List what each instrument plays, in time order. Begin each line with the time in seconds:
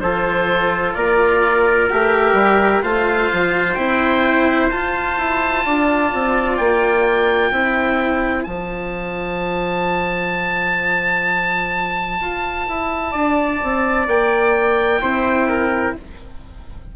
0.00 bassoon F3, cello F4, trumpet A4, oboe C5
0.94 bassoon A#3, trumpet A#4, oboe D5
1.90 bassoon A3, cello G4, oboe E5
2.33 bassoon G3
2.82 bassoon A3, cello F4, trumpet C5, oboe F5
3.33 bassoon F3
3.74 bassoon C4, cello E4, oboe G5
4.70 cello F4, bassoon F4, oboe A5
5.18 bassoon E4
5.66 bassoon D4, trumpet D5
6.14 bassoon C4
6.57 bassoon A#3, oboe G5
7.51 bassoon C4, cello E4, trumpet C5
8.44 bassoon F3, cello F4, oboe A5
12.21 bassoon F4
12.68 bassoon E4
13.12 bassoon D4, trumpet D5
13.63 bassoon C4
14.07 bassoon A#3, oboe G5
15.01 bassoon C4, cello E4, trumpet C5
15.49 trumpet A#4